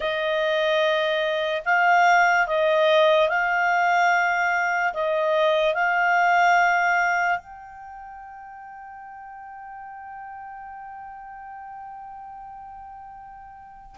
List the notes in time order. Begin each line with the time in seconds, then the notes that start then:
0.00 D#5
1.65 F5
2.47 D#5
3.28 F5
4.93 D#5
5.74 F5
7.38 G5